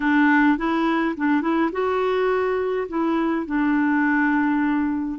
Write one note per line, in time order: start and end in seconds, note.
0.00 0.57 D4
0.57 1.15 E4
1.16 1.41 D4
1.41 1.70 E4
1.72 2.87 F#4
2.88 3.46 E4
3.46 5.19 D4